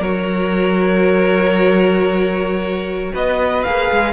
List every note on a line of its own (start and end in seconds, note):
0.00 3.12 F#3
0.00 3.66 F#4
0.00 3.13 A#4
0.00 3.15 C#5
3.14 3.66 B3
3.14 4.13 B4
3.14 3.63 D#5
3.63 3.91 A#3
3.63 4.13 G#4
3.63 4.13 F5
3.91 4.13 G#3